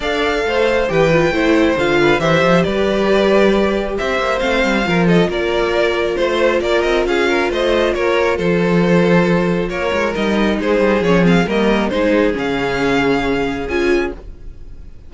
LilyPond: <<
  \new Staff \with { instrumentName = "violin" } { \time 4/4 \tempo 4 = 136 f''2 g''2 | f''4 e''4 d''2~ | d''4 e''4 f''4. dis''8 | d''2 c''4 d''8 dis''8 |
f''4 dis''4 cis''4 c''4~ | c''2 cis''4 dis''4 | c''4 cis''8 f''8 dis''4 c''4 | f''2. gis''4 | }
  \new Staff \with { instrumentName = "violin" } { \time 4/4 d''4 c''4 b'4 c''4~ | c''8 b'8 c''4 b'2~ | b'4 c''2 ais'8 a'8 | ais'2 c''4 ais'4 |
gis'8 ais'8 c''4 ais'4 a'4~ | a'2 ais'2 | gis'2 ais'4 gis'4~ | gis'1 | }
  \new Staff \with { instrumentName = "viola" } { \time 4/4 a'2 g'8 f'8 e'4 | f'4 g'2.~ | g'2 c'4 f'4~ | f'1~ |
f'1~ | f'2. dis'4~ | dis'4 cis'8 c'8 ais4 dis'4 | cis'2. f'4 | }
  \new Staff \with { instrumentName = "cello" } { \time 4/4 d'4 a4 e4 a4 | d4 e8 f8 g2~ | g4 c'8 ais8 a8 g8 f4 | ais2 a4 ais8 c'8 |
cis'4 a4 ais4 f4~ | f2 ais8 gis8 g4 | gis8 g8 f4 g4 gis4 | cis2. cis'4 | }
>>